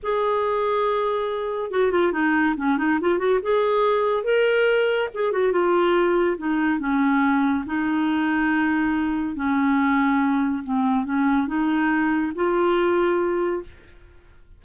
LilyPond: \new Staff \with { instrumentName = "clarinet" } { \time 4/4 \tempo 4 = 141 gis'1 | fis'8 f'8 dis'4 cis'8 dis'8 f'8 fis'8 | gis'2 ais'2 | gis'8 fis'8 f'2 dis'4 |
cis'2 dis'2~ | dis'2 cis'2~ | cis'4 c'4 cis'4 dis'4~ | dis'4 f'2. | }